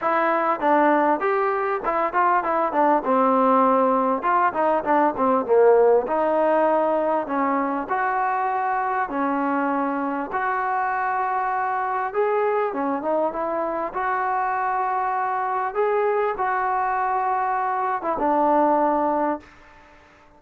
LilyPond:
\new Staff \with { instrumentName = "trombone" } { \time 4/4 \tempo 4 = 99 e'4 d'4 g'4 e'8 f'8 | e'8 d'8 c'2 f'8 dis'8 | d'8 c'8 ais4 dis'2 | cis'4 fis'2 cis'4~ |
cis'4 fis'2. | gis'4 cis'8 dis'8 e'4 fis'4~ | fis'2 gis'4 fis'4~ | fis'4.~ fis'16 e'16 d'2 | }